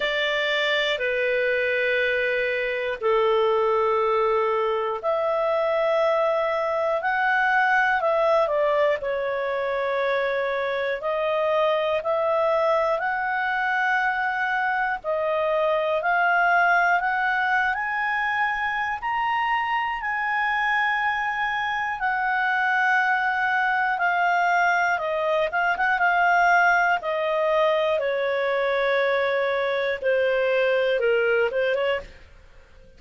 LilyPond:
\new Staff \with { instrumentName = "clarinet" } { \time 4/4 \tempo 4 = 60 d''4 b'2 a'4~ | a'4 e''2 fis''4 | e''8 d''8 cis''2 dis''4 | e''4 fis''2 dis''4 |
f''4 fis''8. gis''4~ gis''16 ais''4 | gis''2 fis''2 | f''4 dis''8 f''16 fis''16 f''4 dis''4 | cis''2 c''4 ais'8 c''16 cis''16 | }